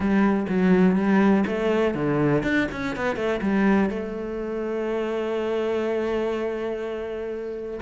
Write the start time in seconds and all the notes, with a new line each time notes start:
0.00 G3
0.49 F#3
0.95 G3
1.46 A3
1.94 D3
2.43 D4
2.71 C#4
2.95 B3
3.16 A3
3.41 G3
3.89 A3